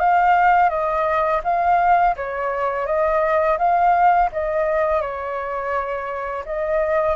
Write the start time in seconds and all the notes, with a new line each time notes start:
0.00 F5
0.70 D#5
1.44 F5
2.17 C#5
2.87 D#5
3.59 F5
4.32 D#5
5.02 C#5
6.46 D#5